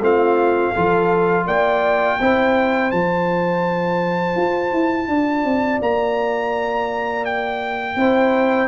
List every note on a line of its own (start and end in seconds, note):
0.00 0.72 A3
0.00 0.75 C4
0.00 0.73 F4
0.00 1.47 F5
0.73 1.46 F3
0.73 2.20 F4
0.73 1.45 A4
1.46 2.19 A#3
1.46 2.19 D5
1.46 2.91 G5
2.20 2.92 C4
2.20 2.91 E4
2.20 5.09 C5
2.91 4.36 F3
2.91 7.96 F4
2.91 5.80 A5
4.36 4.72 F4
4.72 5.08 E4
5.08 5.44 D4
5.08 7.97 D5
5.45 5.81 C4
5.81 7.96 A#3
5.81 7.25 A#5
7.25 8.68 G5
7.96 8.68 C4
7.96 8.68 E4
7.96 8.68 C5